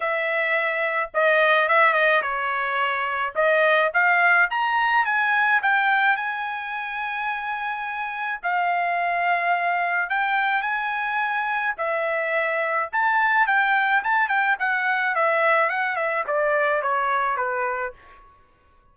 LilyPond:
\new Staff \with { instrumentName = "trumpet" } { \time 4/4 \tempo 4 = 107 e''2 dis''4 e''8 dis''8 | cis''2 dis''4 f''4 | ais''4 gis''4 g''4 gis''4~ | gis''2. f''4~ |
f''2 g''4 gis''4~ | gis''4 e''2 a''4 | g''4 a''8 g''8 fis''4 e''4 | fis''8 e''8 d''4 cis''4 b'4 | }